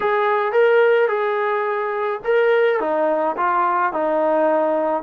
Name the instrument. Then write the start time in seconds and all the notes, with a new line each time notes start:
trombone
0.00 G#4
0.52 A#4
1.08 G#4
2.24 A#4
2.80 D#4
3.36 F4
3.92 D#4